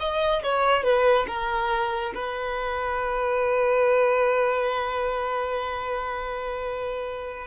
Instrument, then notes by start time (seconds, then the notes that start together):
violin
0.00 D#5
0.43 C#5
0.83 B4
1.27 A#4
2.15 B4